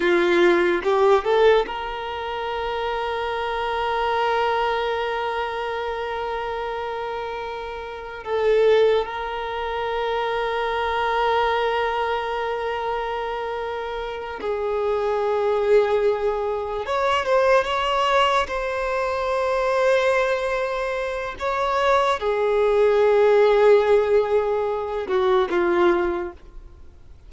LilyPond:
\new Staff \with { instrumentName = "violin" } { \time 4/4 \tempo 4 = 73 f'4 g'8 a'8 ais'2~ | ais'1~ | ais'2 a'4 ais'4~ | ais'1~ |
ais'4. gis'2~ gis'8~ | gis'8 cis''8 c''8 cis''4 c''4.~ | c''2 cis''4 gis'4~ | gis'2~ gis'8 fis'8 f'4 | }